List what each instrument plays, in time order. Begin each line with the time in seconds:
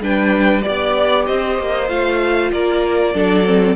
0.00 cello G3, viola D4, violin B4 G5
0.62 viola G4, violin D5
0.68 cello B3
1.27 cello C4, violin C5 D#5
1.59 cello A#3
1.89 cello A3, viola F4, violin F5
2.52 cello A#3, violin A#4 D5
3.14 cello F#3, viola D4, violin A4
3.45 viola C4